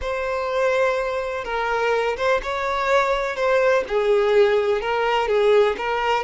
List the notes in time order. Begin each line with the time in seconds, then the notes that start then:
0.01 C5
1.44 A#4
2.16 C5
2.42 C#5
3.36 C5
3.87 G#4
4.81 A#4
5.28 G#4
5.77 A#4